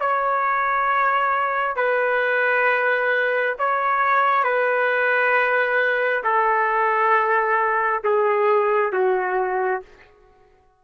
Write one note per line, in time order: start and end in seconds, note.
0.00 1.76 C#5
1.76 3.55 B4
3.58 4.44 C#5
4.44 6.23 B4
6.24 8.03 A4
8.04 8.93 G#4
8.93 9.82 F#4